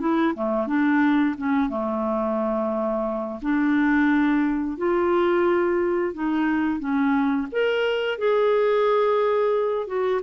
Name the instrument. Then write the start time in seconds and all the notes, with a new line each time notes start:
clarinet
0.00 E4
0.35 A3
0.67 D4
1.38 C#4
1.70 A3
3.42 D4
4.78 F4
6.14 D#4
6.79 C#4
7.52 A#4
8.18 G#4
9.87 F#4